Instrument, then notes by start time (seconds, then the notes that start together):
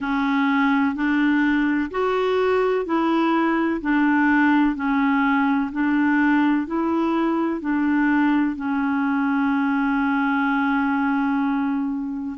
clarinet
0.00 C#4
0.95 D4
1.90 F#4
2.85 E4
3.81 D4
4.75 C#4
5.71 D4
6.67 E4
7.61 D4
8.55 C#4